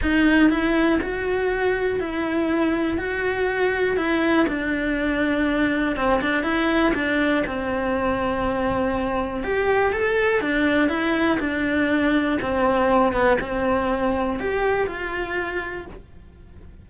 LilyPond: \new Staff \with { instrumentName = "cello" } { \time 4/4 \tempo 4 = 121 dis'4 e'4 fis'2 | e'2 fis'2 | e'4 d'2. | c'8 d'8 e'4 d'4 c'4~ |
c'2. g'4 | a'4 d'4 e'4 d'4~ | d'4 c'4. b8 c'4~ | c'4 g'4 f'2 | }